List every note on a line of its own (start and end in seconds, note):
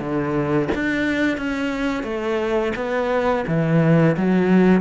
0.00 0.69 D3
0.75 1.38 D4
1.38 2.04 C#4
2.04 2.73 A3
2.76 3.45 B3
3.48 4.17 E3
4.18 4.82 F#3